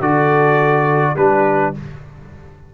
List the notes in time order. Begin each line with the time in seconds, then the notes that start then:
0.00 D3 F#4 A4 D5
1.14 G3 D4 G4 B4